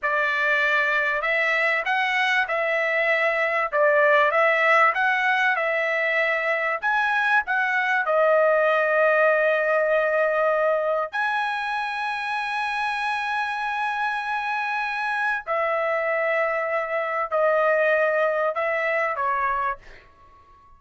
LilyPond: \new Staff \with { instrumentName = "trumpet" } { \time 4/4 \tempo 4 = 97 d''2 e''4 fis''4 | e''2 d''4 e''4 | fis''4 e''2 gis''4 | fis''4 dis''2.~ |
dis''2 gis''2~ | gis''1~ | gis''4 e''2. | dis''2 e''4 cis''4 | }